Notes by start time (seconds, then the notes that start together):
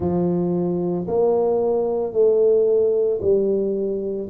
0.00 F3
1.07 A#3
2.12 A3
3.21 G3